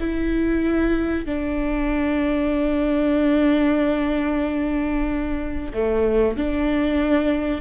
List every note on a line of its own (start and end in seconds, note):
0.00 1.26 E4
1.26 5.72 D4
5.74 6.37 A3
6.37 7.61 D4